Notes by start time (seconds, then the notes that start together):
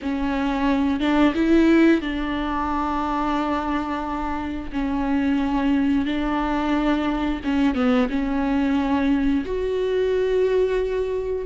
0.02 C#4
0.99 D4
1.34 E4
2.01 D4
4.72 C#4
6.05 D4
7.43 C#4
7.74 B3
8.09 C#4
9.45 F#4